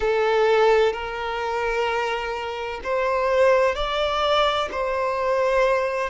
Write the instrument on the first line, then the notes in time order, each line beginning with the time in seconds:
violin
0.00 A4
0.92 A#4
2.83 C5
3.75 D5
4.71 C5